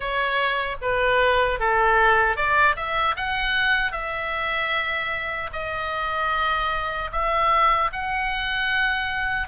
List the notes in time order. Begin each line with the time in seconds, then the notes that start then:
0.00 C#5
0.81 B4
1.59 A4
2.36 D5
2.76 E5
3.16 F#5
3.92 E5
5.53 D#5
7.12 E5
7.92 F#5